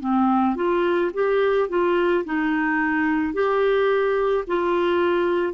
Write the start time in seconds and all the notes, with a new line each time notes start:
0.00 C4
0.56 F4
1.14 G4
1.69 F4
2.25 D#4
3.33 G4
4.47 F4